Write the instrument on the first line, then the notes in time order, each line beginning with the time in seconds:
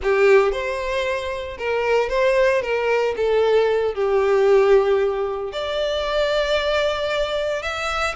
violin
0.03 G4
0.52 C5
1.58 A#4
2.09 C5
2.62 A#4
3.16 A4
3.94 G4
5.52 D5
7.62 E5